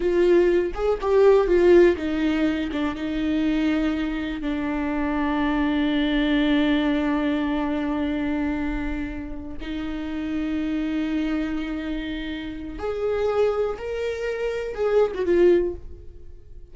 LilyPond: \new Staff \with { instrumentName = "viola" } { \time 4/4 \tempo 4 = 122 f'4. gis'8 g'4 f'4 | dis'4. d'8 dis'2~ | dis'4 d'2.~ | d'1~ |
d'2.~ d'8 dis'8~ | dis'1~ | dis'2 gis'2 | ais'2 gis'8. fis'16 f'4 | }